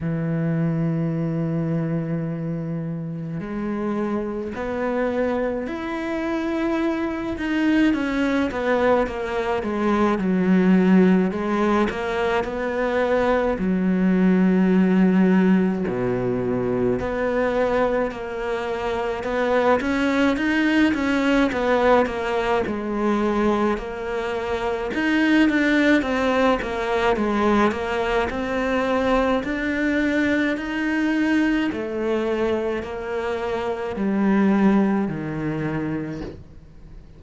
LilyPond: \new Staff \with { instrumentName = "cello" } { \time 4/4 \tempo 4 = 53 e2. gis4 | b4 e'4. dis'8 cis'8 b8 | ais8 gis8 fis4 gis8 ais8 b4 | fis2 b,4 b4 |
ais4 b8 cis'8 dis'8 cis'8 b8 ais8 | gis4 ais4 dis'8 d'8 c'8 ais8 | gis8 ais8 c'4 d'4 dis'4 | a4 ais4 g4 dis4 | }